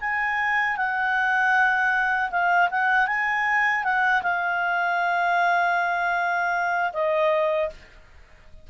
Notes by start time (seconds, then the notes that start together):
0.00 G#5
0.77 F#5
2.30 F5
2.71 F#5
3.07 G#5
3.84 F#5
4.22 F5
6.93 D#5